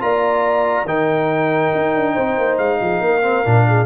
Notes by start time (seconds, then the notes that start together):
0.00 A#3 F4 D5 A#5
0.85 D#3 D#4 A#4 G5
1.75 D#4
1.95 D4
2.14 C4 C5
2.38 A#3
2.58 G#3 F5
2.81 F3 G#4
3.00 A#3 A#4
3.22 C4
3.44 A#2 D4
3.68 G#4